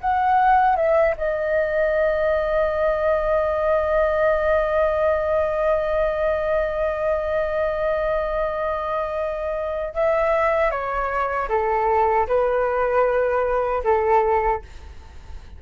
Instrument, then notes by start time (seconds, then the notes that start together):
flute
0.00 F#5
0.76 E5
1.17 D#5
9.94 E5
10.70 C#5
11.48 A4
12.27 B4
13.84 A4